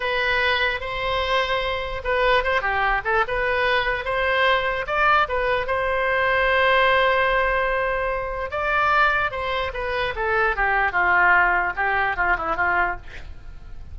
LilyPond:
\new Staff \with { instrumentName = "oboe" } { \time 4/4 \tempo 4 = 148 b'2 c''2~ | c''4 b'4 c''8 g'4 a'8 | b'2 c''2 | d''4 b'4 c''2~ |
c''1~ | c''4 d''2 c''4 | b'4 a'4 g'4 f'4~ | f'4 g'4 f'8 e'8 f'4 | }